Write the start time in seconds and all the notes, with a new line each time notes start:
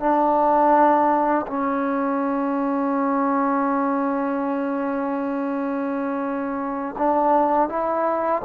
0.00 D4
1.47 C#4
6.98 D4
7.69 E4